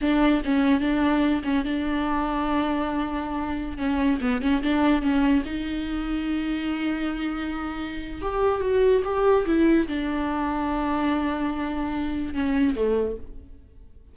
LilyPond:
\new Staff \with { instrumentName = "viola" } { \time 4/4 \tempo 4 = 146 d'4 cis'4 d'4. cis'8 | d'1~ | d'4~ d'16 cis'4 b8 cis'8 d'8.~ | d'16 cis'4 dis'2~ dis'8.~ |
dis'1 | g'4 fis'4 g'4 e'4 | d'1~ | d'2 cis'4 a4 | }